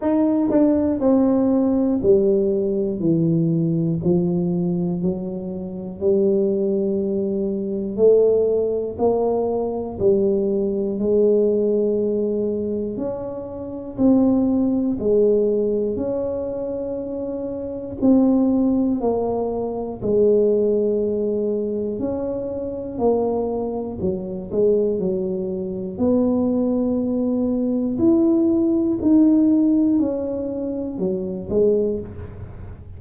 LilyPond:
\new Staff \with { instrumentName = "tuba" } { \time 4/4 \tempo 4 = 60 dis'8 d'8 c'4 g4 e4 | f4 fis4 g2 | a4 ais4 g4 gis4~ | gis4 cis'4 c'4 gis4 |
cis'2 c'4 ais4 | gis2 cis'4 ais4 | fis8 gis8 fis4 b2 | e'4 dis'4 cis'4 fis8 gis8 | }